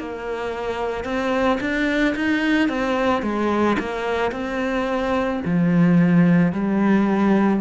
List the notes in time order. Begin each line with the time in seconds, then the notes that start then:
0.00 A#3
1.05 C4
1.61 D4
2.16 D#4
2.69 C4
3.23 G#3
3.80 A#3
4.32 C4
5.45 F3
6.53 G3